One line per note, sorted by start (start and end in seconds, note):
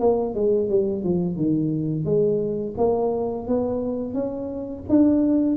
0.00 0.35 A#3
0.35 0.69 G#3
0.69 1.04 G3
1.04 1.37 F3
1.37 2.05 D#3
2.05 2.75 G#3
2.78 3.48 A#3
3.48 4.14 B3
4.14 4.84 C#4
4.90 5.57 D4